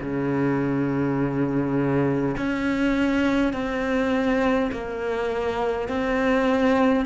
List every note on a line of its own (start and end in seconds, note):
0.00 2.35 C#3
2.36 3.52 C#4
3.52 4.70 C4
4.72 5.88 A#3
5.88 7.05 C4